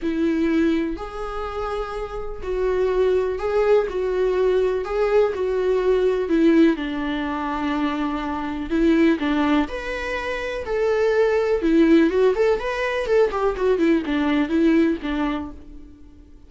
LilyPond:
\new Staff \with { instrumentName = "viola" } { \time 4/4 \tempo 4 = 124 e'2 gis'2~ | gis'4 fis'2 gis'4 | fis'2 gis'4 fis'4~ | fis'4 e'4 d'2~ |
d'2 e'4 d'4 | b'2 a'2 | e'4 fis'8 a'8 b'4 a'8 g'8 | fis'8 e'8 d'4 e'4 d'4 | }